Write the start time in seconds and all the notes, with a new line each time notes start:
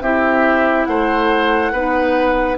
0.00 C4 E4 G4 E5
0.85 A3 C5 F#5
1.72 B3 D#4 B4